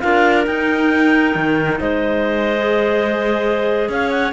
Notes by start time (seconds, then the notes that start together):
0.00 D4 F4 A#4 F5
0.46 D#4 G5
1.35 D#3
1.79 G#3 C5 D#5
2.57 G#4
3.89 C#4 C#5 F5
4.10 F#5